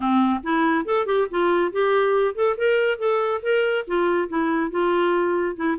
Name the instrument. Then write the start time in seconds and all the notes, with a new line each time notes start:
clarinet
0.00 C4
0.43 E4
0.85 A4
1.06 G4
1.30 F4
1.72 G4
2.35 A4
2.57 A#4
2.98 A4
3.42 A#4
3.87 F4
4.28 E4
4.70 F4
5.55 E4